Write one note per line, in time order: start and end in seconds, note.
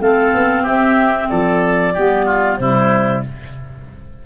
0.00 0.32 A3
0.00 1.94 C4
0.00 0.63 A4
0.00 0.66 F5
0.34 0.63 B3
0.63 1.28 C4
0.63 1.27 G4
0.63 1.29 E5
1.29 1.96 F3
1.29 1.94 A4
1.29 2.57 D5
1.94 2.59 G3
1.94 2.61 B3
1.94 2.26 G4
2.26 2.58 F4
2.57 3.24 C3
2.57 3.26 G3
2.57 3.26 E4
2.57 3.22 C5